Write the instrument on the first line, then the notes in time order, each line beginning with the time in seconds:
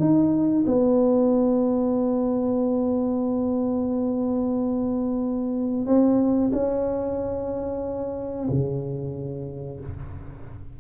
tuba
0.00 D#4
0.67 B3
5.87 C4
6.53 C#4
8.50 C#3